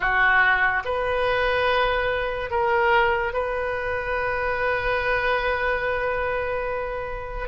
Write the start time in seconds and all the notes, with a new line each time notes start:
0.00 F#4
0.84 B4
2.50 A#4
3.33 B4